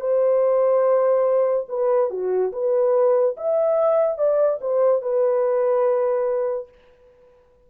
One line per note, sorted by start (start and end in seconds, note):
0.00 1.67 C5
1.69 2.10 B4
2.10 2.52 F#4
2.52 3.36 B4
3.37 4.18 E5
4.18 4.59 D5
4.61 5.02 C5
5.02 6.69 B4